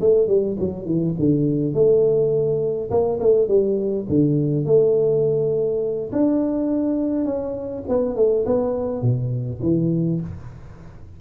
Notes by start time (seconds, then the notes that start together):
0.00 A3
0.28 G3
0.60 F#3
0.85 E3
1.19 D3
1.73 A3
2.90 A#3
3.20 A3
3.48 G3
4.09 D3
4.65 A3
6.12 D4
7.25 C#4
7.88 B3
8.16 A3
8.46 B3
9.02 B2
9.62 E3